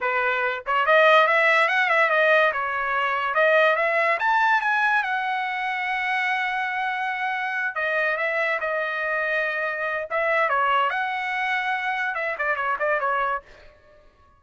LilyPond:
\new Staff \with { instrumentName = "trumpet" } { \time 4/4 \tempo 4 = 143 b'4. cis''8 dis''4 e''4 | fis''8 e''8 dis''4 cis''2 | dis''4 e''4 a''4 gis''4 | fis''1~ |
fis''2~ fis''8 dis''4 e''8~ | e''8 dis''2.~ dis''8 | e''4 cis''4 fis''2~ | fis''4 e''8 d''8 cis''8 d''8 cis''4 | }